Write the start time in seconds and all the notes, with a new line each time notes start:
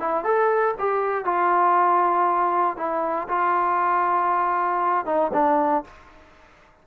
0.00 E4
0.24 A4
0.79 G4
1.25 F4
2.78 E4
3.29 F4
5.06 D#4
5.34 D4